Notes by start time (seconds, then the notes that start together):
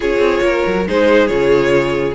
0.00 C#4 F4 G#4 C#5
0.18 C4
0.41 A#3 A#4
0.66 F#3
0.88 G#3 D#4 G#4 C5
1.27 C#3 F4 C#5